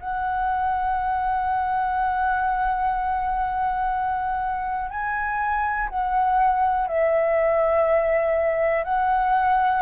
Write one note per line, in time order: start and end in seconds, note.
0.00 4.90 F#5
4.90 5.89 G#5
5.89 6.88 F#5
6.88 8.84 E5
8.84 9.82 F#5